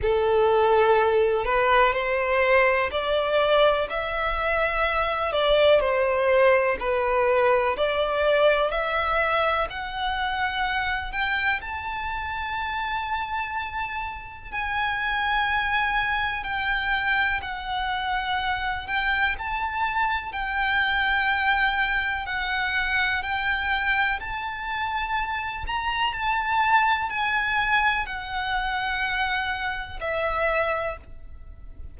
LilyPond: \new Staff \with { instrumentName = "violin" } { \time 4/4 \tempo 4 = 62 a'4. b'8 c''4 d''4 | e''4. d''8 c''4 b'4 | d''4 e''4 fis''4. g''8 | a''2. gis''4~ |
gis''4 g''4 fis''4. g''8 | a''4 g''2 fis''4 | g''4 a''4. ais''8 a''4 | gis''4 fis''2 e''4 | }